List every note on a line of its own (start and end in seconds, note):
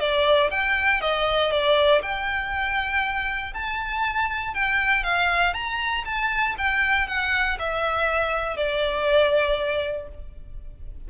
0.00 0.50 D5
0.51 1.01 G5
1.02 1.52 D#5
1.52 2.02 D5
2.03 3.54 G5
3.54 4.55 A5
4.55 5.04 G5
5.04 5.54 F5
5.54 6.05 A#5
6.05 6.56 A5
6.58 7.08 G5
7.08 7.58 F#5
7.60 8.57 E5
8.57 10.08 D5